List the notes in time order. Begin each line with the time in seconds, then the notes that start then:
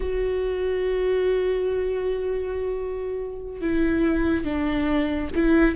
0.00 F#4
3.61 E4
4.44 D4
5.35 E4